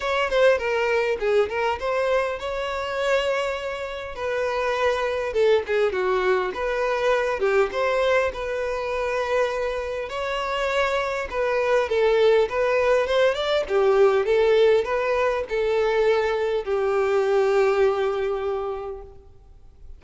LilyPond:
\new Staff \with { instrumentName = "violin" } { \time 4/4 \tempo 4 = 101 cis''8 c''8 ais'4 gis'8 ais'8 c''4 | cis''2. b'4~ | b'4 a'8 gis'8 fis'4 b'4~ | b'8 g'8 c''4 b'2~ |
b'4 cis''2 b'4 | a'4 b'4 c''8 d''8 g'4 | a'4 b'4 a'2 | g'1 | }